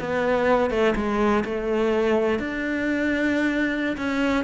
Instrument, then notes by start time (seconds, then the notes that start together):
cello
0.00 B3
0.71 A3
0.96 G#3
1.45 A3
2.39 D4
3.97 C#4